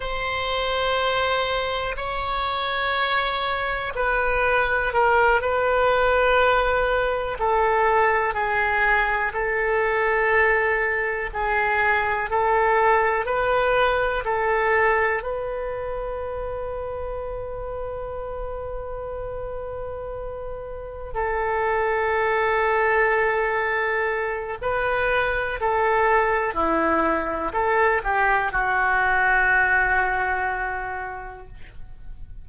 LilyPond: \new Staff \with { instrumentName = "oboe" } { \time 4/4 \tempo 4 = 61 c''2 cis''2 | b'4 ais'8 b'2 a'8~ | a'8 gis'4 a'2 gis'8~ | gis'8 a'4 b'4 a'4 b'8~ |
b'1~ | b'4. a'2~ a'8~ | a'4 b'4 a'4 e'4 | a'8 g'8 fis'2. | }